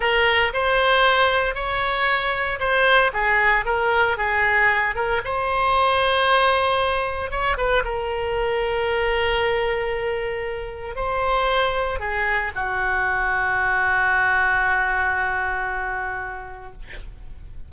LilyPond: \new Staff \with { instrumentName = "oboe" } { \time 4/4 \tempo 4 = 115 ais'4 c''2 cis''4~ | cis''4 c''4 gis'4 ais'4 | gis'4. ais'8 c''2~ | c''2 cis''8 b'8 ais'4~ |
ais'1~ | ais'4 c''2 gis'4 | fis'1~ | fis'1 | }